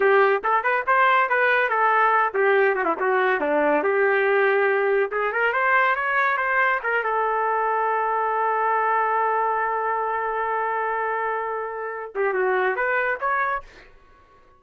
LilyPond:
\new Staff \with { instrumentName = "trumpet" } { \time 4/4 \tempo 4 = 141 g'4 a'8 b'8 c''4 b'4 | a'4. g'4 fis'16 e'16 fis'4 | d'4 g'2. | gis'8 ais'8 c''4 cis''4 c''4 |
ais'8 a'2.~ a'8~ | a'1~ | a'1~ | a'8 g'8 fis'4 b'4 cis''4 | }